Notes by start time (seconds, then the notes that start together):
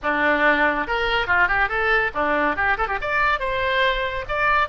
0.03 D4
0.87 A#4
1.26 F4
1.48 G4
1.68 A4
2.14 D4
2.56 G4
2.77 A4
2.87 G4
3.01 D5
3.39 C5
4.28 D5